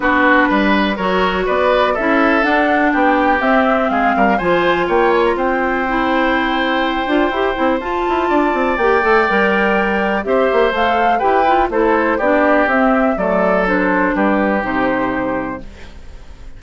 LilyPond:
<<
  \new Staff \with { instrumentName = "flute" } { \time 4/4 \tempo 4 = 123 b'2 cis''4 d''4 | e''4 fis''4 g''4 e''4 | f''4 gis''4 g''8 gis''16 ais''16 g''4~ | g''1 |
a''2 g''2~ | g''4 e''4 f''4 g''4 | c''4 d''4 e''4 d''4 | c''4 b'4 c''2 | }
  \new Staff \with { instrumentName = "oboe" } { \time 4/4 fis'4 b'4 ais'4 b'4 | a'2 g'2 | gis'8 ais'8 c''4 cis''4 c''4~ | c''1~ |
c''4 d''2.~ | d''4 c''2 b'4 | a'4 g'2 a'4~ | a'4 g'2. | }
  \new Staff \with { instrumentName = "clarinet" } { \time 4/4 d'2 fis'2 | e'4 d'2 c'4~ | c'4 f'2. | e'2~ e'8 f'8 g'8 e'8 |
f'2 g'8 a'8 ais'4~ | ais'4 g'4 a'4 g'8 f'8 | e'4 d'4 c'4 a4 | d'2 dis'2 | }
  \new Staff \with { instrumentName = "bassoon" } { \time 4/4 b4 g4 fis4 b4 | cis'4 d'4 b4 c'4 | gis8 g8 f4 ais4 c'4~ | c'2~ c'8 d'8 e'8 c'8 |
f'8 e'8 d'8 c'8 ais8 a8 g4~ | g4 c'8 ais8 a4 e'4 | a4 b4 c'4 fis4~ | fis4 g4 c2 | }
>>